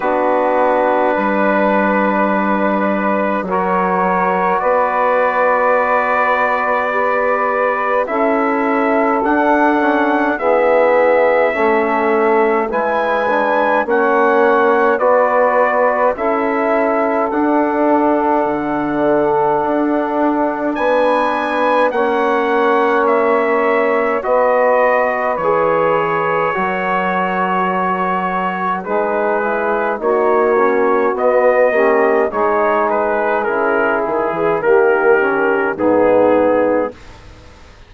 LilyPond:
<<
  \new Staff \with { instrumentName = "trumpet" } { \time 4/4 \tempo 4 = 52 b'2. cis''4 | d''2. e''4 | fis''4 e''2 gis''4 | fis''4 d''4 e''4 fis''4~ |
fis''2 gis''4 fis''4 | e''4 dis''4 cis''2~ | cis''4 b'4 cis''4 dis''4 | cis''8 b'8 ais'8 gis'8 ais'4 gis'4 | }
  \new Staff \with { instrumentName = "saxophone" } { \time 4/4 fis'4 b'2 ais'4 | b'2. a'4~ | a'4 gis'4 a'4 b'4 | cis''4 b'4 a'2~ |
a'2 b'4 cis''4~ | cis''4 b'2 ais'4~ | ais'4 gis'4 fis'4. g'8 | gis'2 g'4 dis'4 | }
  \new Staff \with { instrumentName = "trombone" } { \time 4/4 d'2. fis'4~ | fis'2 g'4 e'4 | d'8 cis'8 b4 cis'4 e'8 d'8 | cis'4 fis'4 e'4 d'4~ |
d'2. cis'4~ | cis'4 fis'4 gis'4 fis'4~ | fis'4 dis'8 e'8 dis'8 cis'8 b8 cis'8 | dis'4 e'4 ais8 cis'8 b4 | }
  \new Staff \with { instrumentName = "bassoon" } { \time 4/4 b4 g2 fis4 | b2. cis'4 | d'4 e'4 a4 gis4 | ais4 b4 cis'4 d'4 |
d4 d'4 b4 ais4~ | ais4 b4 e4 fis4~ | fis4 gis4 ais4 b8 ais8 | gis4 cis8 dis16 e16 dis4 gis,4 | }
>>